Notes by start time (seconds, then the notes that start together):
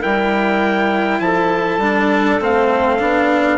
0.00 G3 E4 A#4 G5
1.20 F3 A4 A5
1.78 G3 D4
2.41 A3 C4 F5
3.00 B3 D4